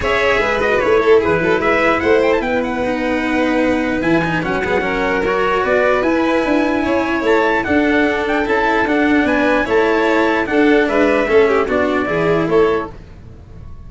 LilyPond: <<
  \new Staff \with { instrumentName = "trumpet" } { \time 4/4 \tempo 4 = 149 e''4. dis''8 cis''4 b'4 | e''4 fis''8 g''16 a''16 g''8 fis''4.~ | fis''2 gis''4 fis''4~ | fis''4 cis''4 d''4 gis''4~ |
gis''2 a''4 fis''4~ | fis''8 g''8 a''4 fis''4 gis''4 | a''2 fis''4 e''4~ | e''4 d''2 cis''4 | }
  \new Staff \with { instrumentName = "violin" } { \time 4/4 cis''4 b'4. a'8 gis'8 a'8 | b'4 c''4 b'2~ | b'2.~ b'8 gis'8 | ais'2 b'2~ |
b'4 cis''2 a'4~ | a'2. b'4 | cis''2 a'4 b'4 | a'8 g'8 fis'4 gis'4 a'4 | }
  \new Staff \with { instrumentName = "cello" } { \time 4/4 gis'4. fis'8 e'2~ | e'2. dis'4~ | dis'2 e'8 dis'8 cis'8 b8 | cis'4 fis'2 e'4~ |
e'2. d'4~ | d'4 e'4 d'2 | e'2 d'2 | cis'4 d'4 e'2 | }
  \new Staff \with { instrumentName = "tuba" } { \time 4/4 cis'4 gis4 a4 e8 fis8 | gis4 a4 b2~ | b2 e4 fis4~ | fis2 b4 e'4 |
d'4 cis'4 a4 d'4~ | d'4 cis'4 d'4 b4 | a2 d'4 gis4 | a4 b4 e4 a4 | }
>>